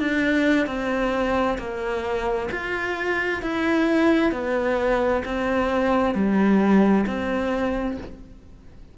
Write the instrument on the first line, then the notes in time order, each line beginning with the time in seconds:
cello
0.00 D4
0.67 C4
1.58 A#3
2.51 F4
3.42 E4
4.32 B3
5.25 C4
6.15 G3
7.07 C4